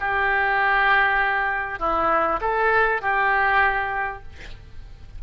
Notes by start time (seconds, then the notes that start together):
0.00 G4
1.79 E4
2.41 A4
3.01 G4